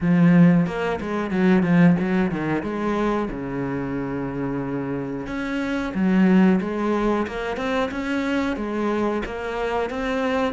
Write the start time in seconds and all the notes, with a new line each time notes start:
0.00 F3
0.66 A#3
1.00 G#3
1.30 F#3
1.62 F3
1.99 F#3
2.31 D#3
2.62 G#3
3.30 C#3
5.27 C#4
5.94 F#3
6.61 G#3
7.27 A#3
7.56 C4
7.91 C#4
8.56 G#3
9.25 A#3
9.90 C4